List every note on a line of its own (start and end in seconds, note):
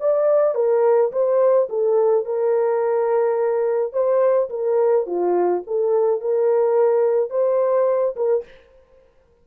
0.00 0.55 D5
0.55 1.12 A#4
1.12 1.69 C5
1.70 2.25 A4
2.25 3.93 A#4
3.93 4.50 C5
4.50 5.06 A#4
5.06 5.63 F4
5.67 6.21 A4
6.21 7.30 A#4
7.30 8.15 C5
8.16 8.45 A#4